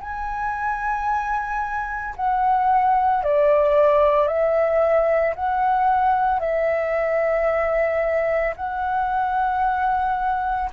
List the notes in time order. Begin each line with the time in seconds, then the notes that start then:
0.00 G#5
2.16 F#5
3.23 D5
4.27 E5
5.35 F#5
6.40 E5
8.56 F#5